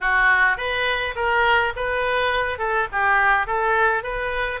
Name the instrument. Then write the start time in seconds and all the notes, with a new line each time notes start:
oboe
0.00 F#4
0.57 B4
1.15 A#4
1.75 B4
2.58 A4
2.92 G4
3.46 A4
4.03 B4